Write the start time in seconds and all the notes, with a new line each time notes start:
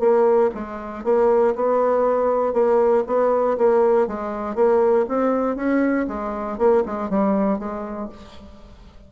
0.00 A#3
0.55 G#3
1.05 A#3
1.56 B3
2.54 A#3
3.07 B3
3.58 A#3
4.08 G#3
4.56 A#3
5.09 C4
5.57 C#4
6.08 G#3
6.58 A#3
6.86 G#3
7.10 G3
7.59 G#3